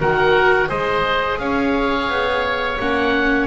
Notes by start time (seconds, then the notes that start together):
0.00 D#3 F#4 A#4 F#5
0.68 G#3 G#4 C5 D#5
1.39 C#4 C#5 F5
2.08 B3
2.80 A#3 C#4 F#5